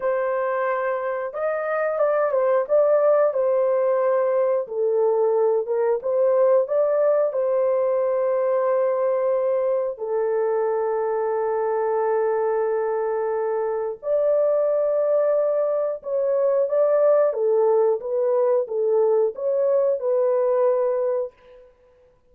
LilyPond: \new Staff \with { instrumentName = "horn" } { \time 4/4 \tempo 4 = 90 c''2 dis''4 d''8 c''8 | d''4 c''2 a'4~ | a'8 ais'8 c''4 d''4 c''4~ | c''2. a'4~ |
a'1~ | a'4 d''2. | cis''4 d''4 a'4 b'4 | a'4 cis''4 b'2 | }